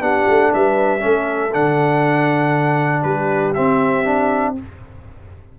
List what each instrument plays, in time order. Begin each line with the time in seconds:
0.00 tuba B3, trombone D4, horn G4, trumpet F#5
0.28 tuba A3
0.52 tuba G3, horn B4, trumpet E5
0.99 tuba A3, trombone C#4, horn A4
1.53 tuba D3, trombone D4, trumpet F#5
3.01 tuba G3, horn G4, trumpet B4
3.53 trombone C4, tuba C4, trumpet E5
4.04 trombone D4